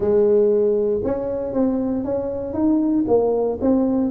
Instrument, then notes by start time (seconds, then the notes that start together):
tuba
0.00 G#3
1.03 C#4
1.53 C4
2.04 C#4
2.53 D#4
3.07 A#3
3.61 C4